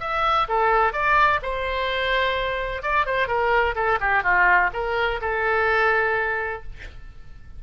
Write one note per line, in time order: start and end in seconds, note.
0.00 0.47 E5
0.48 0.93 A4
0.93 1.40 D5
1.42 2.82 C5
2.82 3.06 D5
3.06 3.27 C5
3.27 3.75 A#4
3.75 3.99 A4
4.00 4.23 G4
4.23 4.71 F4
4.73 5.20 A#4
5.21 6.63 A4